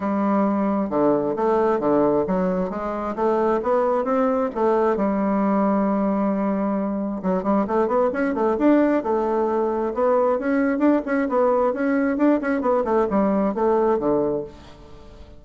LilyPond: \new Staff \with { instrumentName = "bassoon" } { \time 4/4 \tempo 4 = 133 g2 d4 a4 | d4 fis4 gis4 a4 | b4 c'4 a4 g4~ | g1 |
fis8 g8 a8 b8 cis'8 a8 d'4 | a2 b4 cis'4 | d'8 cis'8 b4 cis'4 d'8 cis'8 | b8 a8 g4 a4 d4 | }